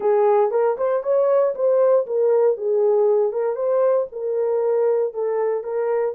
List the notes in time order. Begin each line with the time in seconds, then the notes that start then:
0.00 G#4
0.50 A#4
0.77 C5
1.03 C#5
1.54 C5
2.06 A#4
2.57 G#4
3.32 A#4
3.55 C5
4.12 A#4
5.13 A4
5.63 A#4